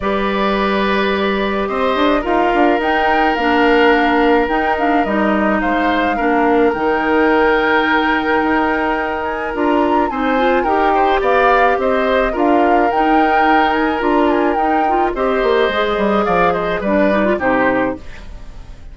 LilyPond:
<<
  \new Staff \with { instrumentName = "flute" } { \time 4/4 \tempo 4 = 107 d''2. dis''4 | f''4 g''4 f''2 | g''8 f''8 dis''4 f''2 | g''1~ |
g''8 gis''8 ais''4 gis''4 g''4 | f''4 dis''4 f''4 g''4~ | g''8 gis''8 ais''8 gis''8 g''4 dis''4~ | dis''4 f''8 dis''8 d''4 c''4 | }
  \new Staff \with { instrumentName = "oboe" } { \time 4/4 b'2. c''4 | ais'1~ | ais'2 c''4 ais'4~ | ais'1~ |
ais'2 c''4 ais'8 c''8 | d''4 c''4 ais'2~ | ais'2. c''4~ | c''4 d''8 c''8 b'4 g'4 | }
  \new Staff \with { instrumentName = "clarinet" } { \time 4/4 g'1 | f'4 dis'4 d'2 | dis'8 d'8 dis'2 d'4 | dis'1~ |
dis'4 f'4 dis'8 f'8 g'4~ | g'2 f'4 dis'4~ | dis'4 f'4 dis'8 f'8 g'4 | gis'2 d'8 dis'16 f'16 dis'4 | }
  \new Staff \with { instrumentName = "bassoon" } { \time 4/4 g2. c'8 d'8 | dis'8 d'8 dis'4 ais2 | dis'4 g4 gis4 ais4 | dis2. dis'4~ |
dis'4 d'4 c'4 dis'4 | b4 c'4 d'4 dis'4~ | dis'4 d'4 dis'4 c'8 ais8 | gis8 g8 f4 g4 c4 | }
>>